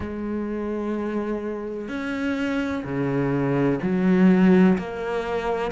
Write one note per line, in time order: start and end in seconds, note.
0.00 1.88 G#3
1.88 2.83 C#4
2.84 3.79 C#3
3.82 4.77 F#3
4.77 5.71 A#3